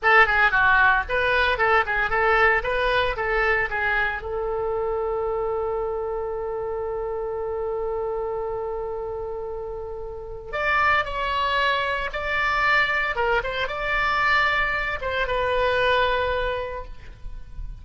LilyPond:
\new Staff \with { instrumentName = "oboe" } { \time 4/4 \tempo 4 = 114 a'8 gis'8 fis'4 b'4 a'8 gis'8 | a'4 b'4 a'4 gis'4 | a'1~ | a'1~ |
a'1 | d''4 cis''2 d''4~ | d''4 ais'8 c''8 d''2~ | d''8 c''8 b'2. | }